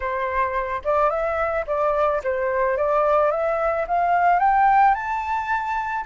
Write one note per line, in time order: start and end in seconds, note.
0.00 0.82 C5
0.84 1.10 D5
1.10 1.65 E5
1.66 2.21 D5
2.23 2.77 C5
2.77 3.31 D5
3.31 3.86 E5
3.87 4.39 F5
4.39 4.94 G5
4.94 6.04 A5